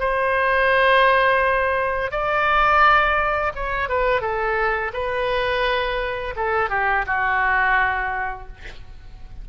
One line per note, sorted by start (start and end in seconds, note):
0.00 2.12 C5
2.12 3.53 D5
3.56 3.89 C#5
3.89 4.22 B4
4.22 4.92 A4
4.94 6.35 B4
6.37 6.70 A4
6.70 7.06 G4
7.07 8.48 F#4